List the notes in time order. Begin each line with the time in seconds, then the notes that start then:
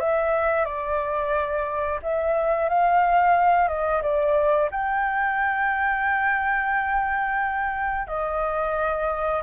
0.00 E5
0.65 D5
2.03 E5
2.69 F5
3.68 D#5
4.02 D5
4.71 G5
8.08 D#5